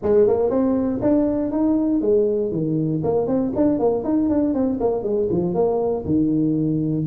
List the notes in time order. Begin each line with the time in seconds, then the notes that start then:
0.02 G#3
0.27 A#3
0.50 C4
1.01 D4
1.51 D#4
2.01 G#3
2.51 D#3
3.03 A#3
3.27 C4
3.55 D4
3.79 A#3
4.03 D#4
4.29 D4
4.54 C4
4.80 A#3
5.03 G#3
5.30 F3
5.54 A#3
6.05 D#3